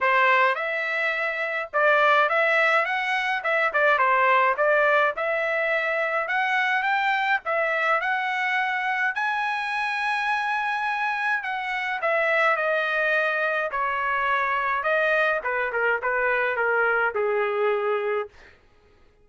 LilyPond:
\new Staff \with { instrumentName = "trumpet" } { \time 4/4 \tempo 4 = 105 c''4 e''2 d''4 | e''4 fis''4 e''8 d''8 c''4 | d''4 e''2 fis''4 | g''4 e''4 fis''2 |
gis''1 | fis''4 e''4 dis''2 | cis''2 dis''4 b'8 ais'8 | b'4 ais'4 gis'2 | }